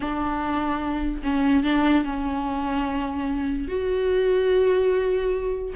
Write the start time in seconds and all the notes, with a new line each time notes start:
0.00 D4
1.23 C#4
1.63 D4
2.04 C#4
3.68 F#4